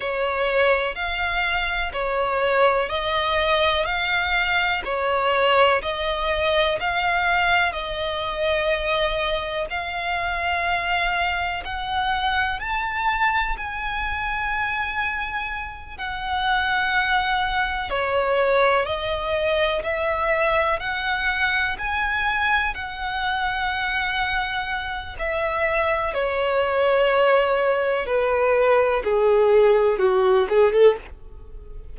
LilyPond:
\new Staff \with { instrumentName = "violin" } { \time 4/4 \tempo 4 = 62 cis''4 f''4 cis''4 dis''4 | f''4 cis''4 dis''4 f''4 | dis''2 f''2 | fis''4 a''4 gis''2~ |
gis''8 fis''2 cis''4 dis''8~ | dis''8 e''4 fis''4 gis''4 fis''8~ | fis''2 e''4 cis''4~ | cis''4 b'4 gis'4 fis'8 gis'16 a'16 | }